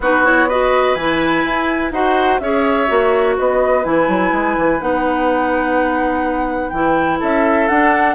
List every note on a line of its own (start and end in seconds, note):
0.00 0.95 B3
0.00 0.24 D#4
0.00 0.48 F#4
0.00 0.25 B4
0.24 0.48 E4
0.24 0.48 C#5
0.48 0.98 F#4
0.48 1.92 B4
0.48 0.95 D#5
0.95 1.43 E3
0.95 1.92 E4
0.95 1.91 G#5
1.44 1.91 E4
1.91 2.39 D#4
1.91 2.40 F#4
1.91 2.41 C5
1.91 2.39 F#5
2.39 2.88 C#4
2.39 2.87 G#4
2.39 3.37 C#5
2.39 3.35 E5
2.87 3.38 A#3
2.87 3.83 F#4
3.37 3.85 B3
3.37 7.19 B4
3.37 3.84 D#5
3.83 4.08 E3
3.83 4.79 E4
3.83 4.80 G#5
4.08 4.32 F#3
4.32 4.56 G#3
4.57 4.80 E3
4.79 6.72 B3
4.79 6.71 D#4
4.79 6.69 F#5
6.69 7.20 E3
6.69 7.70 E4
6.69 7.17 G5
7.19 7.69 C#4
7.19 8.14 A4
7.19 7.68 E5
7.68 8.14 D4
7.68 8.14 F#5